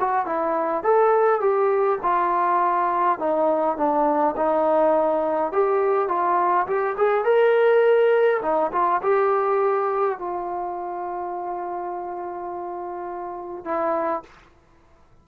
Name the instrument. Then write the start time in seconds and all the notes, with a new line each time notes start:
trombone
0.00 F#4
0.26 E4
0.84 A4
1.41 G4
2.03 F4
3.19 D#4
3.77 D4
4.37 D#4
5.53 G4
6.09 F4
6.68 G4
6.98 G#4
7.25 A#4
8.43 D#4
8.72 F4
9.03 G4
10.19 F4
13.65 E4